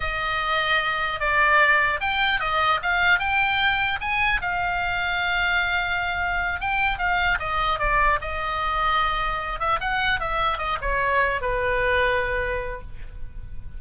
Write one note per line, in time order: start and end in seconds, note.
0.00 1.20 D#5
1.20 2.00 D5
2.00 2.40 G5
2.40 2.80 D#5
2.82 3.19 F5
3.19 3.99 G5
4.01 4.41 G#5
4.41 6.60 F5
6.60 6.98 G5
6.98 7.38 F5
7.39 7.79 D#5
7.79 8.19 D5
8.21 9.59 D#5
9.59 9.79 E5
9.80 10.20 F#5
10.20 10.58 E5
10.58 10.78 D#5
10.81 11.41 C#5
11.41 12.81 B4